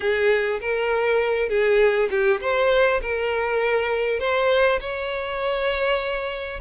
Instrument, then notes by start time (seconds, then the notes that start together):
violin
0.00 G#4
0.60 A#4
1.49 G#4
2.10 G4
2.40 C5
3.01 A#4
4.19 C5
4.80 C#5